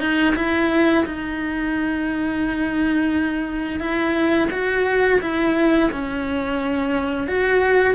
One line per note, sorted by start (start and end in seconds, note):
0.00 0.34 D#4
0.36 1.05 E4
1.06 3.80 D#4
3.80 4.49 E4
4.51 5.20 F#4
5.21 5.90 E4
5.92 7.28 C#4
7.28 7.95 F#4